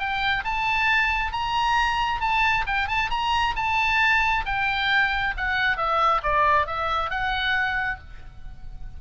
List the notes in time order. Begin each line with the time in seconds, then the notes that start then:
0.00 G5
0.44 A5
1.33 A#5
2.21 A5
2.67 G5
2.88 A5
3.11 A#5
3.56 A5
4.46 G5
5.37 F#5
5.77 E5
6.23 D5
6.67 E5
7.11 F#5